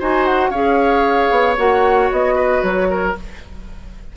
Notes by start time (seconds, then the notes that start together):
0.00 D#4 F#4 C5 G#5
0.26 F#5
0.50 C#4 G#4 C#5 F5
1.31 B3
1.57 A#3 F#4 F#5
2.11 B3 D#5
2.36 B4
2.63 F#3 C#5
2.91 A#4